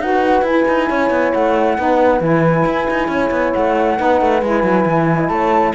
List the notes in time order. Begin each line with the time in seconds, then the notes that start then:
0.00 D#4 F#4 B4 F#5
0.42 E4 G#5
0.68 D#4
0.89 C#4 C#5
1.10 B3
1.33 A3 F#5
1.78 B3 D#4 B4
2.21 E3 E4 G#5
2.66 E4
2.91 D#4
3.08 C#4 C#5
3.31 B3
3.54 A3 F#5
3.97 B3 D#4 B4
4.22 A3
4.42 G#3 E4 G#5
4.63 F#3
4.86 E3
5.17 D#5
5.29 A3 C#5 A5